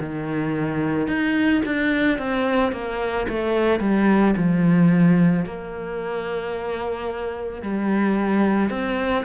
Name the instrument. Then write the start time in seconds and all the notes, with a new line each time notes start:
cello
0.00 D#3
1.08 D#4
1.66 D4
2.19 C4
2.72 A#3
3.29 A3
3.80 G3
4.37 F3
5.45 A#3
7.62 G3
8.70 C4